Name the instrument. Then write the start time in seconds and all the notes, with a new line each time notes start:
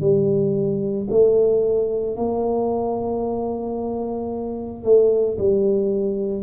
tuba
0.00 G3
1.10 A3
2.16 A#3
4.84 A3
5.38 G3